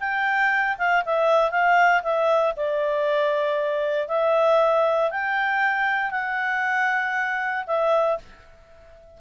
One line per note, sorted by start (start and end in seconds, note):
0.00 0.77 G5
0.78 1.04 F5
1.05 1.51 E5
1.51 2.02 F5
2.03 2.54 E5
2.56 4.08 D5
4.08 5.11 E5
5.11 6.11 G5
6.11 7.65 F#5
7.67 8.18 E5